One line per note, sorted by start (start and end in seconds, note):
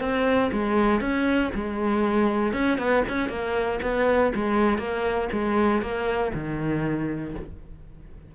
0.00 0.50 C4
0.52 1.00 G#3
1.00 1.51 C#4
1.54 2.52 G#3
2.52 2.78 C#4
2.78 3.03 B3
3.08 3.28 C#4
3.28 3.79 A#3
3.82 4.32 B3
4.34 4.78 G#3
4.78 5.28 A#3
5.32 5.81 G#3
5.81 6.32 A#3
6.34 7.35 D#3